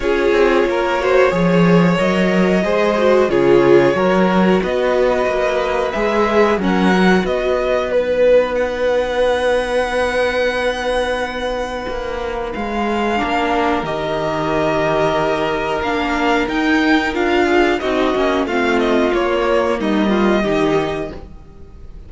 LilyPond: <<
  \new Staff \with { instrumentName = "violin" } { \time 4/4 \tempo 4 = 91 cis''2. dis''4~ | dis''4 cis''2 dis''4~ | dis''4 e''4 fis''4 dis''4 | b'4 fis''2.~ |
fis''2. f''4~ | f''4 dis''2. | f''4 g''4 f''4 dis''4 | f''8 dis''8 cis''4 dis''2 | }
  \new Staff \with { instrumentName = "violin" } { \time 4/4 gis'4 ais'8 c''8 cis''2 | c''4 gis'4 ais'4 b'4~ | b'2 ais'4 b'4~ | b'1~ |
b'1 | ais'1~ | ais'2~ ais'8 gis'8 fis'4 | f'2 dis'8 f'8 g'4 | }
  \new Staff \with { instrumentName = "viola" } { \time 4/4 f'4. fis'8 gis'4 ais'4 | gis'8 fis'8 f'4 fis'2~ | fis'4 gis'4 cis'8 fis'4. | dis'1~ |
dis'1 | d'4 g'2. | d'4 dis'4 f'4 dis'8 cis'8 | c'4 ais2 dis'4 | }
  \new Staff \with { instrumentName = "cello" } { \time 4/4 cis'8 c'8 ais4 f4 fis4 | gis4 cis4 fis4 b4 | ais4 gis4 fis4 b4~ | b1~ |
b2 ais4 gis4 | ais4 dis2. | ais4 dis'4 d'4 c'8 ais8 | a4 ais4 g4 dis4 | }
>>